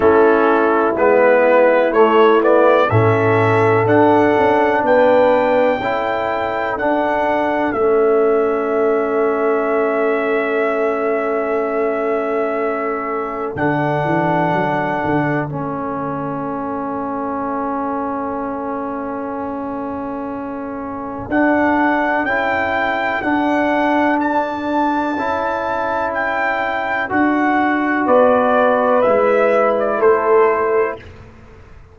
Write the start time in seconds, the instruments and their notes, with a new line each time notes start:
0.00 tuba A3, trombone C#4, horn E4, trumpet A4
0.96 tuba G#3, trombone B3, trumpet B4
1.92 tuba A3, trombone A3, trumpet C#5
2.41 trombone B3, trumpet D5
2.90 tuba A2, trombone C#4, horn A4, trumpet E5
3.85 tuba D4, trombone D4, trumpet F#5
4.38 tuba C#4
4.82 tuba B3, horn B4, trumpet G5
5.79 tuba C#4, trombone E4, horn A4
6.76 tuba D4, trombone D4, trumpet F#5
7.72 tuba A3, trombone C#4, trumpet E5
13.55 tuba D3, trombone D4, trumpet F#5
14.04 tuba E3
14.52 tuba F#3
15.03 tuba D3
15.47 tuba A3, trombone C#4, trumpet E5
21.28 tuba D4, trombone D4, trumpet F#5
22.23 tuba C#4, trombone E4, trumpet G5
23.22 tuba D4, trombone D4, trumpet F#5
24.20 trumpet A5
25.16 tuba C#4, trombone E4
26.14 trumpet G5
27.09 tuba D4, trombone F#4, trumpet F#5
28.05 tuba B3, horn B4, trumpet D5
29.01 tuba G#3, trombone E4, trumpet E5
29.78 trumpet D5
29.98 tuba A3, horn A4, trumpet C5